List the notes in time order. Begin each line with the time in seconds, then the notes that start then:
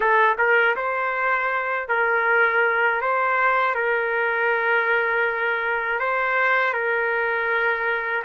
0.00 A4
0.38 A#4
0.76 C5
1.88 A#4
3.01 C5
3.74 A#4
5.99 C5
6.73 A#4